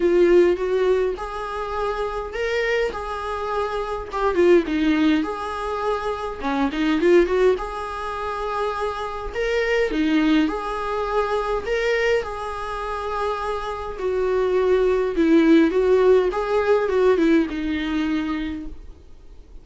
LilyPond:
\new Staff \with { instrumentName = "viola" } { \time 4/4 \tempo 4 = 103 f'4 fis'4 gis'2 | ais'4 gis'2 g'8 f'8 | dis'4 gis'2 cis'8 dis'8 | f'8 fis'8 gis'2. |
ais'4 dis'4 gis'2 | ais'4 gis'2. | fis'2 e'4 fis'4 | gis'4 fis'8 e'8 dis'2 | }